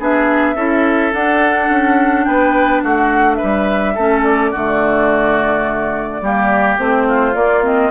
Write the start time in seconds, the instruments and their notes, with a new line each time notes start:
0.00 bassoon B3, clarinet D4, oboe G#4, flute E5
0.56 bassoon C#4, clarinet E4, oboe A4
1.12 clarinet D4, bassoon D4, flute F#5
1.70 bassoon C#4
2.25 bassoon B3, oboe B4, flute G5
2.83 bassoon A3, oboe F#4, flute F#5
3.35 oboe B4, flute E5
3.44 bassoon G3
3.95 bassoon A3, clarinet C#4, oboe A4
4.24 flute D5
4.52 bassoon D3, clarinet A3, oboe F#4
6.22 bassoon G3, clarinet A#3, oboe G4
6.78 bassoon A3, clarinet C4, flute C5
7.08 oboe F4
7.35 clarinet A#3, bassoon A#3, flute D5
7.63 clarinet C4, flute D#5